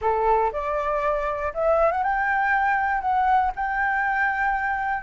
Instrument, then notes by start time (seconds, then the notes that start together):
flute
0.01 A4
0.52 D5
1.54 E5
1.91 F#5
2.03 G5
3.01 F#5
3.55 G5